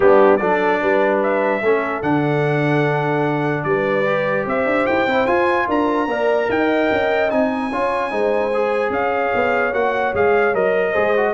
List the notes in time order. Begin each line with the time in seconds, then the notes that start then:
0.00 G3 B3 D4 G4
0.36 F#3 D4 A4 D5
0.82 G3 B4
1.22 E5
1.61 A3 C#4 A4
2.02 D3 D4 F#5
3.63 G3 B4 D5
4.05 G4
4.46 C4 C5 E5
4.65 D4
4.86 E4 G5
5.06 C4 E4
5.26 F4 G#5
5.66 D4 A#4 A#5
6.06 A#3 A#4 D5
6.49 D#4 D#5 G5
6.91 C#4
7.30 C4 D#4 G#5
7.70 C#4 F4 C#5
8.10 G#3 D#4 C5
8.53 G#4
8.89 C#4 C#5 F5
9.34 B3
9.73 A#3 F#4 F#5
10.14 G#3 G#4 F5
10.54 F#3 A#4 D#5
10.91 G#3 G#4 C5
11.16 F#4